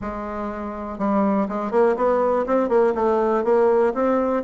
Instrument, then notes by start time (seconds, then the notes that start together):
bassoon
0.01 G#3
0.98 G3
1.48 G#3
1.71 A#3
1.96 B3
2.46 C4
2.68 A#3
2.94 A3
3.44 A#3
3.94 C4